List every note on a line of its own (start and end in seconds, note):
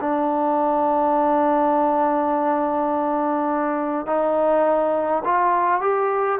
0.00 4.06 D4
4.06 5.23 D#4
5.24 5.81 F4
5.81 6.39 G4